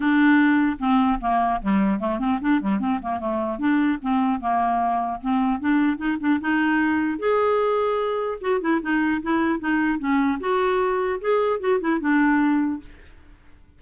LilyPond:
\new Staff \with { instrumentName = "clarinet" } { \time 4/4 \tempo 4 = 150 d'2 c'4 ais4 | g4 a8 c'8 d'8 g8 c'8 ais8 | a4 d'4 c'4 ais4~ | ais4 c'4 d'4 dis'8 d'8 |
dis'2 gis'2~ | gis'4 fis'8 e'8 dis'4 e'4 | dis'4 cis'4 fis'2 | gis'4 fis'8 e'8 d'2 | }